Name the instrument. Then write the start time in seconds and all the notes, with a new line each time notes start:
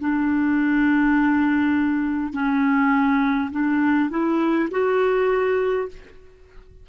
clarinet
0.00 D4
2.33 C#4
3.51 D4
4.10 E4
4.71 F#4